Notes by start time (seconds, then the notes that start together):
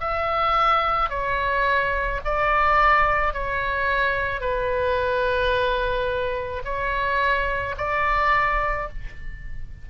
0.00 E5
1.09 C#5
2.25 D5
3.33 C#5
4.40 B4
6.64 C#5
7.77 D5